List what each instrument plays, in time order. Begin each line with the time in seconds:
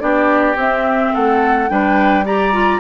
0.00 bassoon B3, clarinet D4, oboe G4, flute D5
0.55 bassoon C4, clarinet C4, flute E5
1.13 bassoon A3, oboe A4, flute F#5
1.69 bassoon G3, clarinet D4, oboe B4, flute G5
2.25 clarinet G4, oboe D5, flute A#5
2.53 clarinet F4